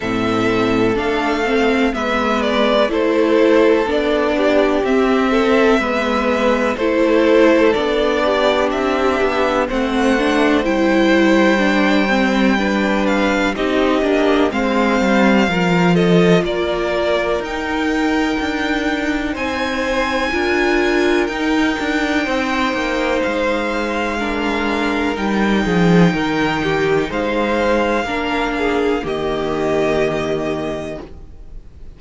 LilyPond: <<
  \new Staff \with { instrumentName = "violin" } { \time 4/4 \tempo 4 = 62 e''4 f''4 e''8 d''8 c''4 | d''4 e''2 c''4 | d''4 e''4 fis''4 g''4~ | g''4. f''8 dis''4 f''4~ |
f''8 dis''8 d''4 g''2 | gis''2 g''2 | f''2 g''2 | f''2 dis''2 | }
  \new Staff \with { instrumentName = "violin" } { \time 4/4 a'2 b'4 a'4~ | a'8 g'4 a'8 b'4 a'4~ | a'8 g'4. c''2~ | c''4 b'4 g'4 c''4 |
ais'8 a'8 ais'2. | c''4 ais'2 c''4~ | c''4 ais'4. gis'8 ais'8 g'8 | c''4 ais'8 gis'8 g'2 | }
  \new Staff \with { instrumentName = "viola" } { \time 4/4 c'4 d'8 c'8 b4 e'4 | d'4 c'4 b4 e'4 | d'2 c'8 d'8 e'4 | d'8 c'8 d'4 dis'8 d'8 c'4 |
f'2 dis'2~ | dis'4 f'4 dis'2~ | dis'4 d'4 dis'2~ | dis'4 d'4 ais2 | }
  \new Staff \with { instrumentName = "cello" } { \time 4/4 a,4 a4 gis4 a4 | b4 c'4 gis4 a4 | b4 c'8 b8 a4 g4~ | g2 c'8 ais8 gis8 g8 |
f4 ais4 dis'4 d'4 | c'4 d'4 dis'8 d'8 c'8 ais8 | gis2 g8 f8 dis4 | gis4 ais4 dis2 | }
>>